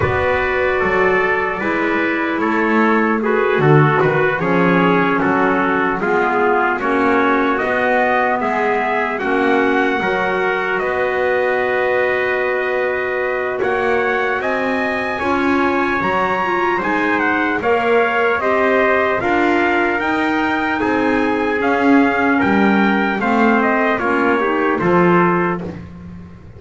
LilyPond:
<<
  \new Staff \with { instrumentName = "trumpet" } { \time 4/4 \tempo 4 = 75 d''2. cis''4 | b'8 a'8 b'8 cis''4 a'4 gis'8~ | gis'8 cis''4 dis''4 e''4 fis''8~ | fis''4. dis''2~ dis''8~ |
dis''4 fis''4 gis''2 | ais''4 gis''8 fis''8 f''4 dis''4 | f''4 g''4 gis''4 f''4 | g''4 f''8 dis''8 cis''4 c''4 | }
  \new Staff \with { instrumentName = "trumpet" } { \time 4/4 b'4 a'4 b'4 a'4 | gis'8 fis'4 gis'4 fis'4 f'8~ | f'8 fis'2 gis'4 fis'8~ | fis'8 ais'4 b'2~ b'8~ |
b'4 cis''4 dis''4 cis''4~ | cis''4 c''4 cis''4 c''4 | ais'2 gis'2 | ais'4 c''4 f'8 g'8 a'4 | }
  \new Staff \with { instrumentName = "clarinet" } { \time 4/4 fis'2 e'2 | fis'4. cis'2 b8~ | b8 cis'4 b2 cis'8~ | cis'8 fis'2.~ fis'8~ |
fis'2. f'4 | fis'8 f'8 dis'4 ais'4 g'4 | f'4 dis'2 cis'4~ | cis'4 c'4 cis'8 dis'8 f'4 | }
  \new Staff \with { instrumentName = "double bass" } { \time 4/4 b4 fis4 gis4 a4~ | a8 d8 dis8 f4 fis4 gis8~ | gis8 ais4 b4 gis4 ais8~ | ais8 fis4 b2~ b8~ |
b4 ais4 c'4 cis'4 | fis4 gis4 ais4 c'4 | d'4 dis'4 c'4 cis'4 | g4 a4 ais4 f4 | }
>>